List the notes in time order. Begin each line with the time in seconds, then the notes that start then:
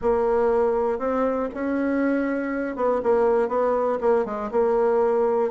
0.01 A#3
0.98 C4
1.53 C#4
2.76 B3
3.03 A#3
3.48 B3
4.00 A#3
4.25 G#3
4.51 A#3